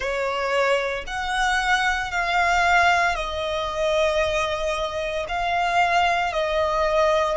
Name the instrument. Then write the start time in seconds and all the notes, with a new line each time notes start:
violin
0.00 C#5
1.06 F#5
2.11 F5
3.15 D#5
5.28 F5
6.33 D#5